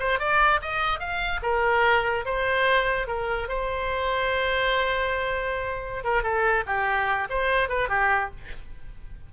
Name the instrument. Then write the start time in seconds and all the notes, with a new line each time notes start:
oboe
0.00 C5
0.19 D5
0.62 D#5
1.00 F5
1.43 A#4
2.26 C5
3.08 A#4
3.49 C5
6.04 A#4
6.23 A4
6.66 G4
7.30 C5
7.69 B4
7.89 G4